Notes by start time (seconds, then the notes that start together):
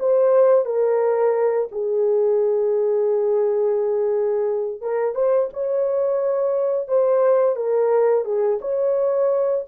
0.00 C5
0.66 A#4
1.72 G#4
4.82 A#4
5.15 C5
5.54 C#5
6.88 C5
7.56 A#4
8.25 G#4
8.61 C#5